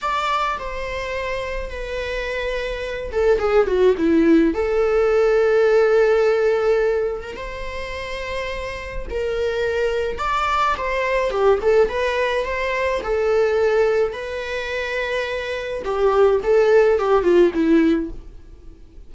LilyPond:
\new Staff \with { instrumentName = "viola" } { \time 4/4 \tempo 4 = 106 d''4 c''2 b'4~ | b'4. a'8 gis'8 fis'8 e'4 | a'1~ | a'8. ais'16 c''2. |
ais'2 d''4 c''4 | g'8 a'8 b'4 c''4 a'4~ | a'4 b'2. | g'4 a'4 g'8 f'8 e'4 | }